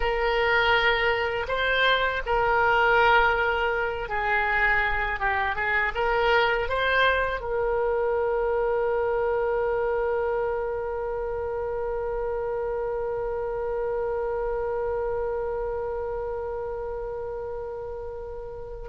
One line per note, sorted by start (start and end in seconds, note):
0.00 1.46 A#4
1.47 2.22 C5
2.26 4.08 A#4
4.08 5.19 G#4
5.19 5.55 G4
5.55 5.92 G#4
5.95 6.68 A#4
6.68 7.40 C5
7.40 18.88 A#4